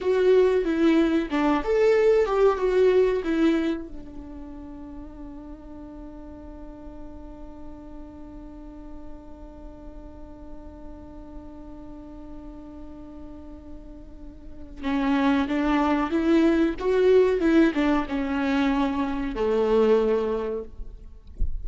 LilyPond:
\new Staff \with { instrumentName = "viola" } { \time 4/4 \tempo 4 = 93 fis'4 e'4 d'8 a'4 g'8 | fis'4 e'4 d'2~ | d'1~ | d'1~ |
d'1~ | d'2. cis'4 | d'4 e'4 fis'4 e'8 d'8 | cis'2 a2 | }